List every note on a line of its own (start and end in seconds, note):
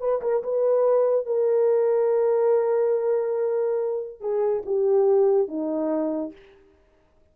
0.00 0.21 B4
0.22 0.43 A#4
0.43 1.26 B4
1.26 4.21 A#4
4.21 4.63 G#4
4.66 5.48 G4
5.48 6.33 D#4